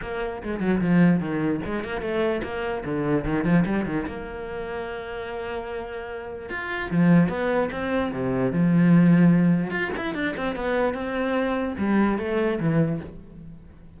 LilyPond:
\new Staff \with { instrumentName = "cello" } { \time 4/4 \tempo 4 = 148 ais4 gis8 fis8 f4 dis4 | gis8 ais8 a4 ais4 d4 | dis8 f8 g8 dis8 ais2~ | ais1 |
f'4 f4 b4 c'4 | c4 f2. | f'8 e'8 d'8 c'8 b4 c'4~ | c'4 g4 a4 e4 | }